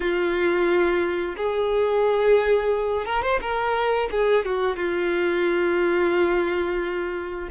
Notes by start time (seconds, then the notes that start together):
0.00 F4
1.36 G#4
3.05 A#4
3.22 C5
3.41 A#4
4.11 G#4
4.45 F#4
4.76 F4